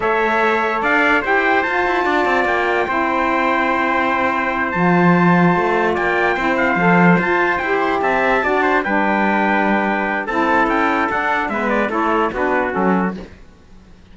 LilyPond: <<
  \new Staff \with { instrumentName = "trumpet" } { \time 4/4 \tempo 4 = 146 e''2 f''4 g''4 | a''2 g''2~ | g''2.~ g''8 a''8~ | a''2~ a''8 g''4. |
f''4. a''4 g''8 c'''8 a''8~ | a''4. g''2~ g''8~ | g''4 a''4 g''4 fis''4 | e''8 d''8 cis''4 b'4 a'4 | }
  \new Staff \with { instrumentName = "trumpet" } { \time 4/4 cis''2 d''4 c''4~ | c''4 d''2 c''4~ | c''1~ | c''2~ c''8 d''4 c''8~ |
c''2.~ c''8 e''8~ | e''8 d''8 c''8 b'2~ b'8~ | b'4 a'2. | b'4 a'4 fis'2 | }
  \new Staff \with { instrumentName = "saxophone" } { \time 4/4 a'2. g'4 | f'2. e'4~ | e'2.~ e'8 f'8~ | f'2.~ f'8 e'8~ |
e'8 a'4 f'4 g'4.~ | g'8 fis'4 d'2~ d'8~ | d'4 e'2 d'4 | b4 e'4 d'4 cis'4 | }
  \new Staff \with { instrumentName = "cello" } { \time 4/4 a2 d'4 e'4 | f'8 e'8 d'8 c'8 ais4 c'4~ | c'2.~ c'8 f8~ | f4. a4 ais4 c'8~ |
c'8 f4 f'4 e'4 c'8~ | c'8 d'4 g2~ g8~ | g4 c'4 cis'4 d'4 | gis4 a4 b4 fis4 | }
>>